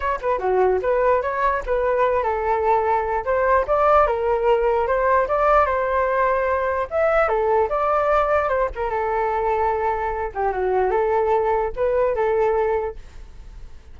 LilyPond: \new Staff \with { instrumentName = "flute" } { \time 4/4 \tempo 4 = 148 cis''8 b'8 fis'4 b'4 cis''4 | b'4. a'2~ a'8 | c''4 d''4 ais'2 | c''4 d''4 c''2~ |
c''4 e''4 a'4 d''4~ | d''4 c''8 ais'8 a'2~ | a'4. g'8 fis'4 a'4~ | a'4 b'4 a'2 | }